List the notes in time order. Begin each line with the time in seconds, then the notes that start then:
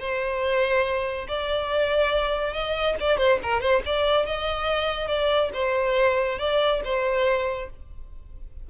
0.00 C5
1.29 D5
2.54 D#5
3.01 D5
3.18 C5
3.43 A#4
3.61 C5
3.86 D5
4.26 D#5
5.08 D5
5.54 C5
6.39 D5
6.85 C5